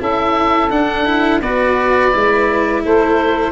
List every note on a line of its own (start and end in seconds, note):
0.00 0.71 C#4
0.00 0.71 E4
0.00 1.41 A4
0.00 0.71 E5
0.71 1.42 D4
0.71 1.05 D4
0.71 1.41 F#5
1.05 1.41 E4
1.42 2.13 B3
1.42 2.12 F#4
1.42 2.83 B4
1.42 2.83 D5
2.12 2.85 G#3
2.12 3.52 E4
2.84 3.52 A3
2.84 3.52 A4
2.84 3.52 C5